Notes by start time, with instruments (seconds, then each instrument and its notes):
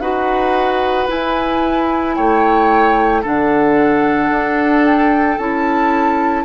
0.00 bassoon D#4, clarinet F#4, oboe B4, flute F#5
1.08 clarinet E4, flute G#5
1.15 bassoon E4
2.16 bassoon A3, oboe C#5, flute G5
3.22 bassoon D3, clarinet D4, oboe A4, flute F#5
4.30 bassoon D4
4.86 flute G5
5.38 bassoon C#4, clarinet E4, flute A5